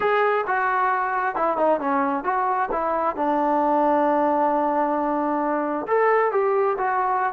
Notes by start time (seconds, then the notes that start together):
0.00 G#4
0.47 F#4
1.35 E4
1.57 D#4
1.80 C#4
2.24 F#4
2.71 E4
3.16 D4
5.87 A4
6.31 G4
6.78 F#4